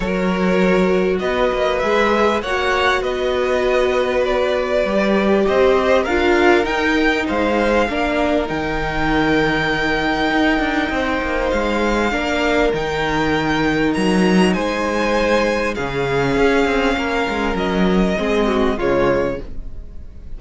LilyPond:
<<
  \new Staff \with { instrumentName = "violin" } { \time 4/4 \tempo 4 = 99 cis''2 dis''4 e''4 | fis''4 dis''2 d''4~ | d''4 dis''4 f''4 g''4 | f''2 g''2~ |
g''2. f''4~ | f''4 g''2 ais''4 | gis''2 f''2~ | f''4 dis''2 cis''4 | }
  \new Staff \with { instrumentName = "violin" } { \time 4/4 ais'2 b'2 | cis''4 b'2.~ | b'4 c''4 ais'2 | c''4 ais'2.~ |
ais'2 c''2 | ais'1 | c''2 gis'2 | ais'2 gis'8 fis'8 f'4 | }
  \new Staff \with { instrumentName = "viola" } { \time 4/4 fis'2. gis'4 | fis'1 | g'2 f'4 dis'4~ | dis'4 d'4 dis'2~ |
dis'1 | d'4 dis'2.~ | dis'2 cis'2~ | cis'2 c'4 gis4 | }
  \new Staff \with { instrumentName = "cello" } { \time 4/4 fis2 b8 ais8 gis4 | ais4 b2. | g4 c'4 d'4 dis'4 | gis4 ais4 dis2~ |
dis4 dis'8 d'8 c'8 ais8 gis4 | ais4 dis2 fis4 | gis2 cis4 cis'8 c'8 | ais8 gis8 fis4 gis4 cis4 | }
>>